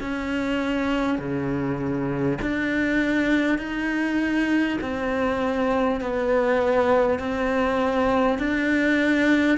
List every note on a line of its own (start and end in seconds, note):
0.00 1.19 C#4
1.19 2.39 C#3
2.42 3.58 D4
3.58 4.78 D#4
4.81 6.01 C4
6.01 7.19 B3
7.19 8.39 C4
8.39 9.58 D4